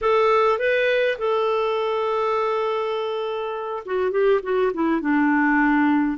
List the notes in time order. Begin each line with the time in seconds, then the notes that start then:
0.01 A4
0.59 B4
1.18 A4
3.85 F#4
4.11 G4
4.42 F#4
4.73 E4
5.00 D4